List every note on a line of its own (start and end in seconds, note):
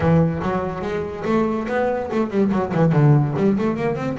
0.00 0.41 E3
0.42 0.81 F#3
0.81 1.23 G#3
1.24 1.66 A3
1.68 2.10 B3
2.11 2.30 A3
2.30 2.51 G3
2.52 2.73 F#3
2.74 2.92 E3
2.92 3.34 D3
3.36 3.57 G3
3.58 3.76 A3
3.76 3.95 A#3
3.95 4.16 C4